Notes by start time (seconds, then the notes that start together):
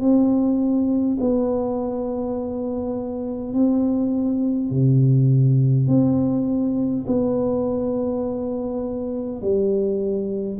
0.00 C4
1.20 B3
3.53 C4
4.70 C3
5.87 C4
7.07 B3
9.41 G3